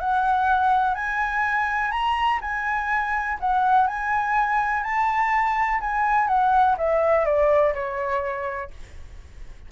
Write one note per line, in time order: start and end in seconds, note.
0.00 0.95 F#5
0.95 1.91 G#5
1.91 2.40 A#5
2.41 3.38 G#5
3.40 3.87 F#5
3.87 4.83 G#5
4.83 5.80 A5
5.81 6.28 G#5
6.28 6.76 F#5
6.78 7.25 E5
7.25 7.74 D5
7.74 8.71 C#5